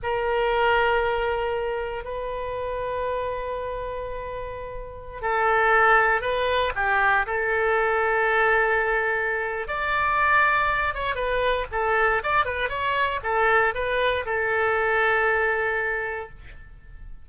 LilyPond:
\new Staff \with { instrumentName = "oboe" } { \time 4/4 \tempo 4 = 118 ais'1 | b'1~ | b'2~ b'16 a'4.~ a'16~ | a'16 b'4 g'4 a'4.~ a'16~ |
a'2. d''4~ | d''4. cis''8 b'4 a'4 | d''8 b'8 cis''4 a'4 b'4 | a'1 | }